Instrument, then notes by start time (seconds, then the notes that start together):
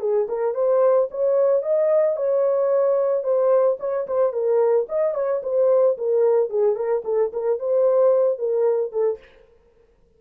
horn
0.00 G#4
0.28 A#4
0.54 C5
1.11 C#5
1.62 D#5
2.16 C#5
3.24 C5
3.79 C#5
4.07 C5
4.33 A#4
4.89 D#5
5.14 C#5
5.43 C5
5.97 A#4
6.50 G#4
6.75 A#4
7.04 A4
7.32 A#4
7.59 C5
8.38 A#4
8.92 A4